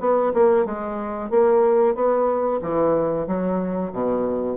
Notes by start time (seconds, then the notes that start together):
0.00 B3
0.34 A#3
0.66 G#3
1.31 A#3
1.95 B3
2.62 E3
3.27 F#3
3.93 B2